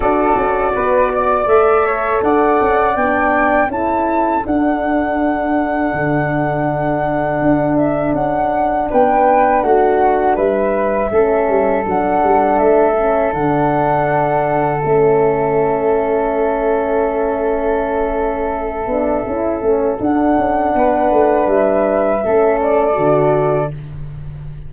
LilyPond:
<<
  \new Staff \with { instrumentName = "flute" } { \time 4/4 \tempo 4 = 81 d''2 e''4 fis''4 | g''4 a''4 fis''2~ | fis''2~ fis''8 e''8 fis''4 | g''4 fis''4 e''2 |
fis''4 e''4 fis''2 | e''1~ | e''2. fis''4~ | fis''4 e''4. d''4. | }
  \new Staff \with { instrumentName = "flute" } { \time 4/4 a'4 b'8 d''4 cis''8 d''4~ | d''4 a'2.~ | a'1 | b'4 fis'4 b'4 a'4~ |
a'1~ | a'1~ | a'1 | b'2 a'2 | }
  \new Staff \with { instrumentName = "horn" } { \time 4/4 fis'2 a'2 | d'4 e'4 d'2~ | d'1~ | d'2. cis'4 |
d'4. cis'8 d'2 | cis'1~ | cis'4. d'8 e'8 cis'8 d'4~ | d'2 cis'4 fis'4 | }
  \new Staff \with { instrumentName = "tuba" } { \time 4/4 d'8 cis'8 b4 a4 d'8 cis'8 | b4 cis'4 d'2 | d2 d'4 cis'4 | b4 a4 g4 a8 g8 |
fis8 g8 a4 d2 | a1~ | a4. b8 cis'8 a8 d'8 cis'8 | b8 a8 g4 a4 d4 | }
>>